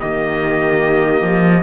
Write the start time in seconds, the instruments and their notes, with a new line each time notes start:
0.00 cello D#3, horn A#3, viola G4, trumpet D#5
1.22 cello F3